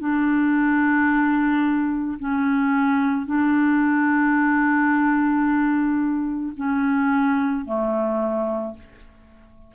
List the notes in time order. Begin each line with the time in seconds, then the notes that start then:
0.00 D4
2.19 C#4
3.26 D4
6.57 C#4
7.66 A3